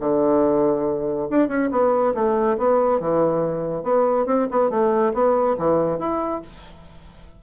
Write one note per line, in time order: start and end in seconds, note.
0.00 1.29 D3
1.30 1.48 D4
1.48 1.69 C#4
1.71 2.14 B3
2.14 2.57 A3
2.57 3.00 B3
3.00 3.83 E3
3.83 4.26 B3
4.26 4.47 C4
4.51 4.70 B3
4.70 5.13 A3
5.13 5.56 B3
5.58 5.98 E3
5.98 6.41 E4